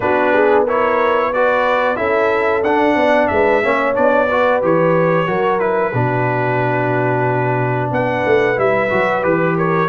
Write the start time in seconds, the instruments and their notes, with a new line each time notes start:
0.00 tuba B3, trombone D4, horn F#4, trumpet B4
0.33 horn G#4
0.63 trombone E4, horn A#4, trumpet C#5
1.33 trombone F#4, horn B4, trumpet D5
1.96 tuba C#4, trombone E4, horn A4, trumpet E5
2.62 tuba D4, trombone D4, trumpet F#5
2.95 tuba B3, horn D5
3.27 tuba G#3, horn B4, trumpet E5
3.63 tuba A#3, trombone C#4, horn C#5
3.94 tuba B3, trombone D4, trumpet D5
4.29 trombone F#4, horn B4
4.61 tuba E3, trombone G4, trumpet C#5
5.26 tuba F#3, trombone F#4, horn A#4
5.59 trombone E4, trumpet B4
5.93 tuba B2, trombone D4, horn F#4
7.91 tuba B3, horn B4, trumpet F#5
8.25 tuba A3
8.56 tuba G3, trombone E4, trumpet E5
8.89 tuba F#3, trombone F#4
9.22 tuba E3, trombone G4, trumpet B4
9.56 horn A#4, trumpet C#5